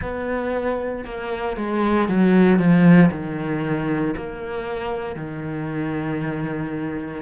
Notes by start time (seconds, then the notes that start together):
0.01 B3
1.04 A#3
1.56 G#3
2.08 F#3
2.59 F3
3.11 D#3
4.16 A#3
5.15 D#3